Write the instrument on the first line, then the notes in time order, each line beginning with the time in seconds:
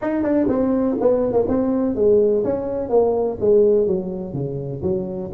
tuba
0.01 D#4
0.22 D4
0.48 C4
1.01 B3
1.32 A#3
1.48 C4
1.95 G#3
2.43 C#4
2.89 A#3
3.40 G#3
3.86 F#3
4.33 C#3
4.82 F#3